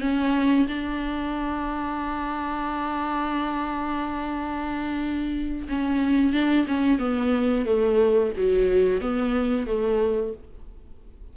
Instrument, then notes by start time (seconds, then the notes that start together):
viola
0.00 C#4
0.67 D4
5.68 C#4
6.32 D4
6.67 C#4
6.98 B3
7.65 A3
8.37 F#3
9.01 B3
9.67 A3